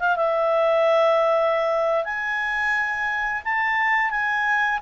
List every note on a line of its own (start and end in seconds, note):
0.00 0.17 F5
0.17 2.05 E5
2.05 3.43 G#5
3.45 4.11 A5
4.11 4.80 G#5